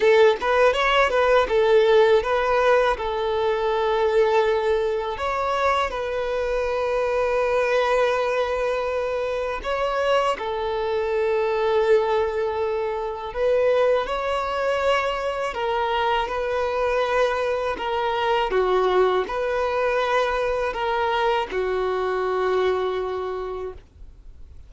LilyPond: \new Staff \with { instrumentName = "violin" } { \time 4/4 \tempo 4 = 81 a'8 b'8 cis''8 b'8 a'4 b'4 | a'2. cis''4 | b'1~ | b'4 cis''4 a'2~ |
a'2 b'4 cis''4~ | cis''4 ais'4 b'2 | ais'4 fis'4 b'2 | ais'4 fis'2. | }